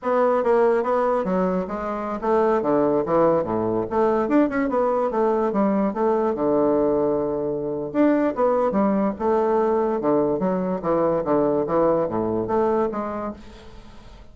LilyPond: \new Staff \with { instrumentName = "bassoon" } { \time 4/4 \tempo 4 = 144 b4 ais4 b4 fis4 | gis4~ gis16 a4 d4 e8.~ | e16 a,4 a4 d'8 cis'8 b8.~ | b16 a4 g4 a4 d8.~ |
d2. d'4 | b4 g4 a2 | d4 fis4 e4 d4 | e4 a,4 a4 gis4 | }